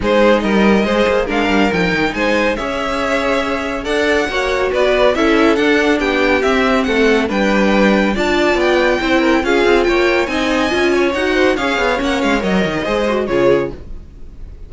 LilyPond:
<<
  \new Staff \with { instrumentName = "violin" } { \time 4/4 \tempo 4 = 140 c''4 dis''2 f''4 | g''4 gis''4 e''2~ | e''4 fis''2 d''4 | e''4 fis''4 g''4 e''4 |
fis''4 g''2 a''4 | g''2 f''4 g''4 | gis''2 fis''4 f''4 | fis''8 f''8 dis''2 cis''4 | }
  \new Staff \with { instrumentName = "violin" } { \time 4/4 gis'4 ais'4 c''4 ais'4~ | ais'4 c''4 cis''2~ | cis''4 d''4 cis''4 b'4 | a'2 g'2 |
a'4 b'2 d''4~ | d''4 c''8 ais'8 gis'4 cis''4 | dis''4. cis''4 c''8 cis''4~ | cis''2 c''4 gis'4 | }
  \new Staff \with { instrumentName = "viola" } { \time 4/4 dis'2 gis'4 d'4 | dis'2 gis'2~ | gis'4 a'4 fis'2 | e'4 d'2 c'4~ |
c'4 d'2 f'4~ | f'4 e'4 f'2 | dis'4 f'4 fis'4 gis'4 | cis'4 ais'4 gis'8 fis'8 f'4 | }
  \new Staff \with { instrumentName = "cello" } { \time 4/4 gis4 g4 gis8 ais8 gis8 g8 | f8 dis8 gis4 cis'2~ | cis'4 d'4 ais4 b4 | cis'4 d'4 b4 c'4 |
a4 g2 d'4 | b4 c'4 cis'8 c'8 ais4 | c'4 cis'4 dis'4 cis'8 b8 | ais8 gis8 fis8 dis8 gis4 cis4 | }
>>